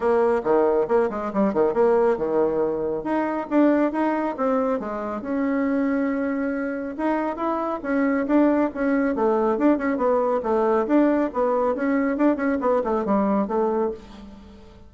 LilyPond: \new Staff \with { instrumentName = "bassoon" } { \time 4/4 \tempo 4 = 138 ais4 dis4 ais8 gis8 g8 dis8 | ais4 dis2 dis'4 | d'4 dis'4 c'4 gis4 | cis'1 |
dis'4 e'4 cis'4 d'4 | cis'4 a4 d'8 cis'8 b4 | a4 d'4 b4 cis'4 | d'8 cis'8 b8 a8 g4 a4 | }